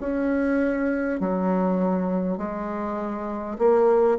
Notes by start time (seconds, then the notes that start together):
0.00 C#4
1.20 F#3
2.37 G#3
3.58 A#3